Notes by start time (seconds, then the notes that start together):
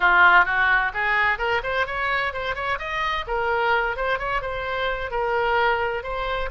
0.00 F4
0.45 F#4
0.93 G#4
1.38 A#4
1.63 C5
1.86 C#5
2.33 C5
2.55 C#5
2.78 D#5
3.27 A#4
3.96 C5
4.18 C#5
4.41 C5
5.10 A#4
6.03 C5